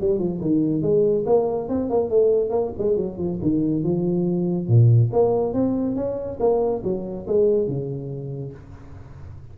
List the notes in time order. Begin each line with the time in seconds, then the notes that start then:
0.00 G3
0.19 F3
0.41 D#3
0.82 G#3
1.26 A#3
1.68 C4
1.90 A#3
2.10 A3
2.50 A#3
2.78 G#3
2.96 F#3
3.18 F3
3.42 D#3
3.83 F3
4.68 A#2
5.12 A#3
5.53 C4
5.96 C#4
6.40 A#3
6.84 F#3
7.27 G#3
7.67 C#3